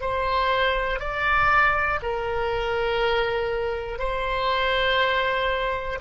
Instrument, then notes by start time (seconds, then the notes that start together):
oboe
0.00 C5
0.99 D5
2.02 A#4
3.98 C5